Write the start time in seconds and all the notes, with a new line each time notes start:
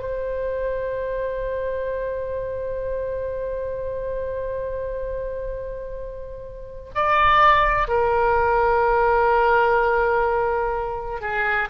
0.00 C5
6.95 D5
7.88 A#4
11.21 G#4